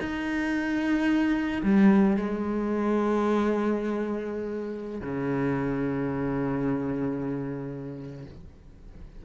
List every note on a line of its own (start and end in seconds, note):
0.00 1.62 D#4
1.63 2.17 G3
2.17 5.00 G#3
5.01 8.25 C#3